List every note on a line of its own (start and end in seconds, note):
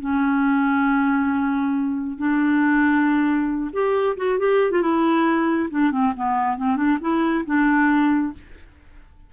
0.00 2.18 C#4
2.18 3.71 D4
3.72 4.16 G4
4.17 4.39 F#4
4.39 4.71 G4
4.71 4.82 F4
4.82 5.69 E4
5.70 5.91 D4
5.91 6.13 C4
6.16 6.57 B3
6.57 6.76 C4
6.76 6.98 D4
7.01 7.45 E4
7.45 8.33 D4